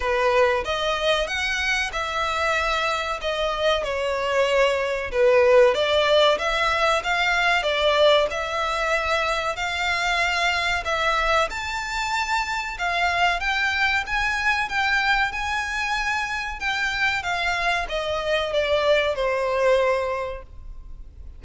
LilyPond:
\new Staff \with { instrumentName = "violin" } { \time 4/4 \tempo 4 = 94 b'4 dis''4 fis''4 e''4~ | e''4 dis''4 cis''2 | b'4 d''4 e''4 f''4 | d''4 e''2 f''4~ |
f''4 e''4 a''2 | f''4 g''4 gis''4 g''4 | gis''2 g''4 f''4 | dis''4 d''4 c''2 | }